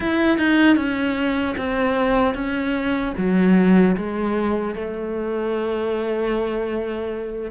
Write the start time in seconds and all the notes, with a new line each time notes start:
0.00 E4
0.38 D#4
0.76 C#4
1.57 C4
2.34 C#4
3.17 F#3
3.96 G#3
4.74 A3